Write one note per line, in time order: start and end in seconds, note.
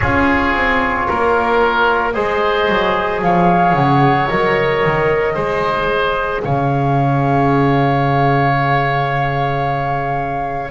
0.00 0.54 C#4
0.00 2.13 F4
0.00 1.07 G#4
0.00 2.11 C#5
0.54 1.07 C4
1.08 2.16 A#3
1.08 2.14 A#4
2.13 2.68 G#3
2.13 4.27 G#4
2.13 3.21 C5
2.13 3.21 D#5
2.68 3.21 F#3
3.21 3.73 F3
3.21 5.34 C#5
3.21 3.74 F5
3.73 4.26 C#3
3.73 4.28 F#5
4.29 4.84 F#3
4.29 5.36 A#4
4.29 6.42 D#5
4.85 5.35 D#3
5.34 6.43 G#3
5.34 10.71 G#4
5.34 6.41 C5
6.42 10.71 C#3
6.42 10.71 C#5
6.42 10.70 F5